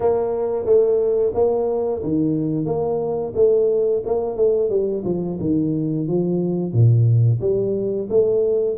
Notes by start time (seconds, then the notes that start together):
0.00 A#3
0.65 A3
1.34 A#3
2.02 D#3
2.65 A#3
3.35 A3
4.05 A#3
4.36 A3
4.69 G3
5.04 F3
5.40 D#3
6.07 F3
6.72 A#2
7.41 G3
8.09 A3